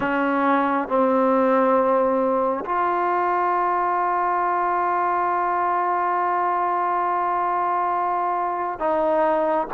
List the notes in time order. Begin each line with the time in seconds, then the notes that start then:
0.00 C#4
0.88 C4
2.65 F4
8.79 D#4